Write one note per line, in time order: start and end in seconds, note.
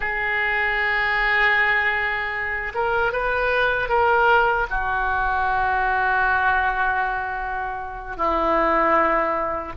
0.00 2.72 G#4
2.74 3.12 A#4
3.12 3.89 B4
3.89 4.66 A#4
4.70 8.16 F#4
8.16 9.72 E4